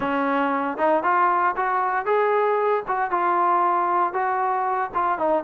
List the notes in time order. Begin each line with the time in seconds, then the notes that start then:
0.00 C#4
0.77 D#4
1.03 F4
1.56 F#4
2.05 G#4
2.87 F#4
3.10 F4
4.13 F#4
4.94 F4
5.18 D#4